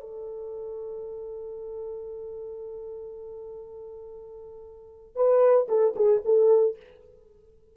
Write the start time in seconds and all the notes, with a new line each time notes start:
0.00 A4
5.15 B4
5.68 A4
5.96 G#4
6.24 A4